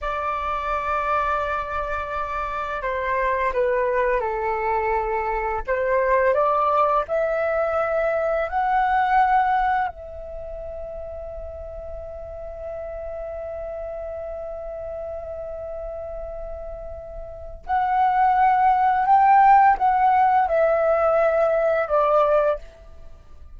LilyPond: \new Staff \with { instrumentName = "flute" } { \time 4/4 \tempo 4 = 85 d''1 | c''4 b'4 a'2 | c''4 d''4 e''2 | fis''2 e''2~ |
e''1~ | e''1~ | e''4 fis''2 g''4 | fis''4 e''2 d''4 | }